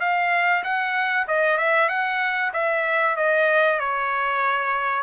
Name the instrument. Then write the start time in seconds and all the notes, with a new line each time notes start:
trumpet
0.00 F5
0.63 F#5
1.27 D#5
1.57 E5
1.88 F#5
2.53 E5
3.16 D#5
3.79 C#5